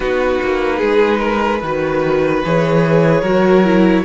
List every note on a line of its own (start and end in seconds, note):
0.00 0.39 B3
0.00 1.60 D#4
0.00 0.77 F#4
0.00 2.42 B4
0.42 0.81 A#3
0.77 1.62 G#3
0.77 1.17 G#4
1.18 1.59 A#4
1.62 2.43 D#3
1.62 2.44 F#4
1.62 3.21 B4
2.44 3.21 E3
2.44 3.24 G#4
2.44 4.04 C#5
3.21 4.03 F#3
3.21 3.65 F#4
3.21 4.02 A#4
3.65 4.04 E4